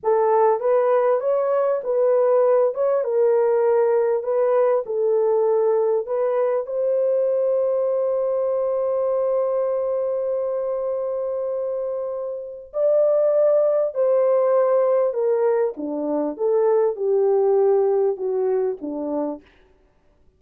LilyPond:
\new Staff \with { instrumentName = "horn" } { \time 4/4 \tempo 4 = 99 a'4 b'4 cis''4 b'4~ | b'8 cis''8 ais'2 b'4 | a'2 b'4 c''4~ | c''1~ |
c''1~ | c''4 d''2 c''4~ | c''4 ais'4 d'4 a'4 | g'2 fis'4 d'4 | }